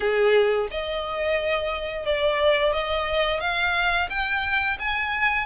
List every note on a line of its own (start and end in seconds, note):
0.00 0.68 G#4
0.70 2.05 D#5
2.05 2.72 D5
2.72 3.40 D#5
3.40 4.08 F5
4.09 4.77 G5
4.79 5.46 G#5